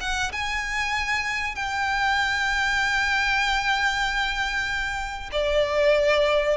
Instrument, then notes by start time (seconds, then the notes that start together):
violin
0.00 F#5
0.32 G#5
1.55 G5
5.32 D5